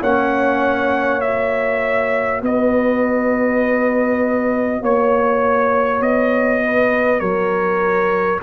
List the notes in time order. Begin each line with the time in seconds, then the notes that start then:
0.00 A#3 C#4 C#5 F#5
1.21 F#4 E5
2.42 B3 B4 D#5
4.81 A#3 C#5
6.01 B3 D#5
6.65 B4
7.20 F#3 A#4 C#5